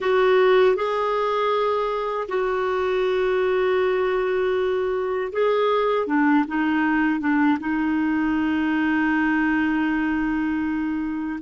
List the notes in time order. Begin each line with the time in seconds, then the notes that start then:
0.00 F#4
0.76 G#4
2.28 F#4
5.32 G#4
6.07 D4
6.47 D#4
7.20 D4
7.59 D#4